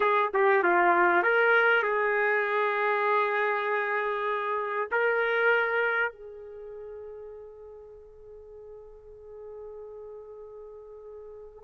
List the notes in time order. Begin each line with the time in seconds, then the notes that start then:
0.00 G#4
0.33 G4
0.63 F4
1.22 A#4
1.82 G#4
4.91 A#4
6.12 G#4